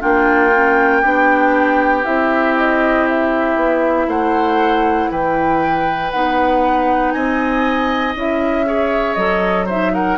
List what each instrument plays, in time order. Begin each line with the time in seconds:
0.00 bassoon A#3, clarinet D4, oboe F4, flute G5
0.56 clarinet C#4
1.02 bassoon B3, clarinet D4, oboe G4
2.04 bassoon C4, clarinet E4, flute E5
2.57 flute D#5
3.09 flute E5
3.56 bassoon B3
4.07 bassoon A3, oboe C5, flute F#5
5.10 bassoon E3, oboe B4, flute G5
6.11 bassoon B3, clarinet D#4, flute F#5
7.11 bassoon C4, oboe D#5, flute G#5
8.15 bassoon C#4, clarinet E4, flute E5
8.66 clarinet G#4, oboe C#5
9.15 bassoon F#3, clarinet A4, flute D#5
9.66 clarinet D#4, oboe C5, flute E5
9.94 oboe A#4, flute F#5